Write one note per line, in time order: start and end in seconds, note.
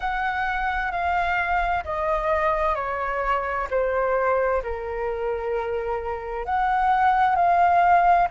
0.00 0.91 F#5
0.91 1.83 F5
1.84 2.75 D#5
2.75 3.67 C#5
3.70 4.62 C5
4.62 6.45 A#4
6.45 7.36 F#5
7.36 8.28 F5